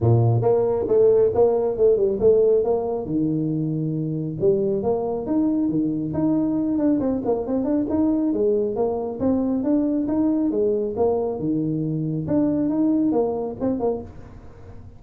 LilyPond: \new Staff \with { instrumentName = "tuba" } { \time 4/4 \tempo 4 = 137 ais,4 ais4 a4 ais4 | a8 g8 a4 ais4 dis4~ | dis2 g4 ais4 | dis'4 dis4 dis'4. d'8 |
c'8 ais8 c'8 d'8 dis'4 gis4 | ais4 c'4 d'4 dis'4 | gis4 ais4 dis2 | d'4 dis'4 ais4 c'8 ais8 | }